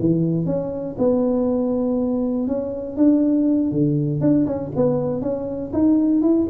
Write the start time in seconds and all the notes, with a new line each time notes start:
0.00 E3
0.46 C#4
0.98 B3
2.48 C#4
2.97 D4
3.71 D3
4.21 D4
4.46 C#4
4.76 B3
5.22 C#4
5.73 D#4
6.22 E4